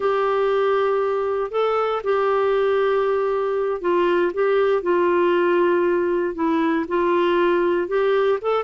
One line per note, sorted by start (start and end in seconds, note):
0.00 1.51 G4
1.51 2.02 A4
2.03 3.81 G4
3.81 4.32 F4
4.33 4.82 G4
4.82 6.34 F4
6.34 6.85 E4
6.88 7.87 F4
7.87 8.38 G4
8.41 8.63 A4